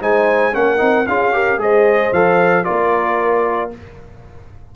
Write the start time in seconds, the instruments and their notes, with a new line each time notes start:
0.00 tuba G#3, trombone D#4, horn C5, trumpet G#5
0.52 tuba A#3, trombone C#4, horn A#4, trumpet F#5
0.77 tuba C4, trombone D#4
1.06 tuba C#4, trombone F4, horn G#4, trumpet F5
1.32 trombone G4, horn A#4
1.57 tuba G#3, trombone G#4, horn C5, trumpet D#5
2.12 tuba F3, trombone A4, trumpet F5
2.64 tuba A#3, trombone F4, horn A#4, trumpet D5